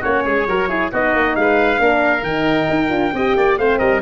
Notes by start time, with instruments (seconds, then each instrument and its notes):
0.00 tuba A#3, horn C#4, oboe F#4, trumpet C#5
0.25 tuba G#3, oboe G#4
0.47 tuba F#3, horn F#4, oboe A#4
0.69 horn E4, oboe G#4
0.91 tuba B3, horn D#4, oboe F#4, trumpet D#5
1.14 tuba A#3
1.35 tuba G#3, oboe B4, trumpet F5
1.78 tuba A#3, horn D4, oboe A#4
2.23 tuba D#3, horn D#4, trumpet G5
2.70 tuba D#4
2.88 tuba D4, horn F4
3.13 tuba C4, horn G4, oboe D#5
3.36 tuba A#3, oboe D5
3.57 tuba A3, horn C4, oboe C5, trumpet F5
3.78 tuba G3, oboe A#4, trumpet D#5